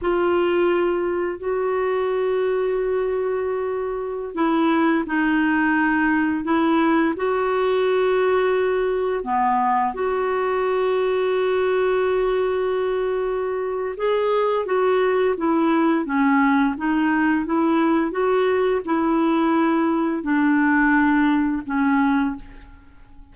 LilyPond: \new Staff \with { instrumentName = "clarinet" } { \time 4/4 \tempo 4 = 86 f'2 fis'2~ | fis'2~ fis'16 e'4 dis'8.~ | dis'4~ dis'16 e'4 fis'4.~ fis'16~ | fis'4~ fis'16 b4 fis'4.~ fis'16~ |
fis'1 | gis'4 fis'4 e'4 cis'4 | dis'4 e'4 fis'4 e'4~ | e'4 d'2 cis'4 | }